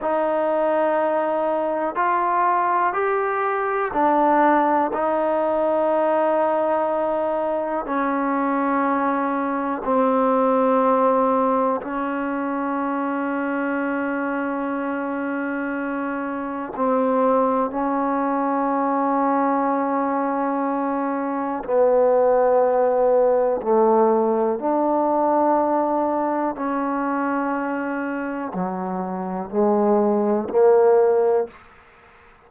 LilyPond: \new Staff \with { instrumentName = "trombone" } { \time 4/4 \tempo 4 = 61 dis'2 f'4 g'4 | d'4 dis'2. | cis'2 c'2 | cis'1~ |
cis'4 c'4 cis'2~ | cis'2 b2 | a4 d'2 cis'4~ | cis'4 fis4 gis4 ais4 | }